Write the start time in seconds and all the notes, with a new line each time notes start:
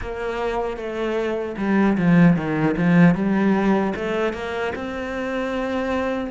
0.01 A#3
0.76 A3
1.57 G3
1.97 F3
2.36 D#3
2.76 F3
3.14 G3
3.95 A3
4.33 A#3
4.75 C4